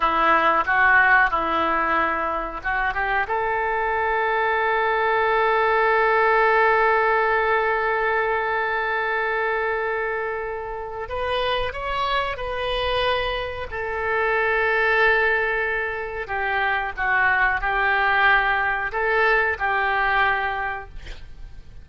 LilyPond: \new Staff \with { instrumentName = "oboe" } { \time 4/4 \tempo 4 = 92 e'4 fis'4 e'2 | fis'8 g'8 a'2.~ | a'1~ | a'1~ |
a'4 b'4 cis''4 b'4~ | b'4 a'2.~ | a'4 g'4 fis'4 g'4~ | g'4 a'4 g'2 | }